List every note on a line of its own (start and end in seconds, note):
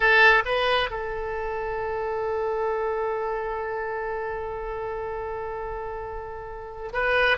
0.00 0.43 A4
0.45 0.90 B4
0.90 6.92 A4
6.92 7.37 B4